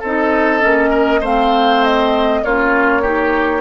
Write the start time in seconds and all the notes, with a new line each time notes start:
0.00 C4 D#4 A4 D#5
0.61 A#3 C#4
0.90 A#4
1.21 A3 C4 C5 F5
1.84 D#5
2.44 A#3 C#4 F4 C#5
3.02 D#4 G4